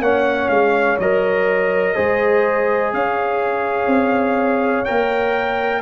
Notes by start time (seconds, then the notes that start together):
0.00 A#3 C#4 C#5 F#5
0.49 G#3 F5
0.99 F#3 A#4 D#5
1.95 G#3 G#4 C5
2.93 C#4 C#5 F5
3.86 C4
4.85 A#3 A#4 G5